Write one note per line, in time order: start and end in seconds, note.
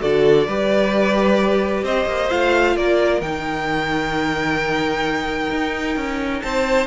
0.00 0.48 D3
0.00 0.46 F#4
0.00 0.48 A4
0.00 1.85 D5
0.48 1.83 G3
0.48 2.30 G4
0.48 1.84 B4
1.83 2.06 C4
1.83 2.76 C5
1.83 2.31 D#5
2.07 2.29 A#3
2.30 2.77 A3
2.30 3.22 F4
2.30 2.77 F5
2.76 3.21 A#3
2.76 6.43 A#4
2.76 3.22 D5
3.21 5.50 D#3
3.21 6.87 D#4
3.21 6.42 G5
5.51 5.97 D#4
5.97 6.42 C#4
6.42 6.87 C4
6.42 6.87 C5
6.42 6.87 A5